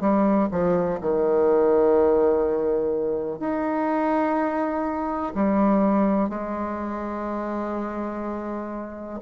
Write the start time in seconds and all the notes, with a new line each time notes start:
0.00 G3
0.51 F3
1.00 D#3
3.40 D#4
5.34 G3
6.29 G#3